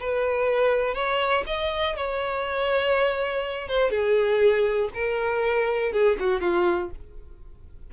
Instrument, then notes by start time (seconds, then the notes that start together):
violin
0.00 B4
0.94 C#5
1.47 D#5
1.96 C#5
3.68 C5
3.91 G#4
4.94 A#4
5.92 G#4
6.20 F#4
6.41 F4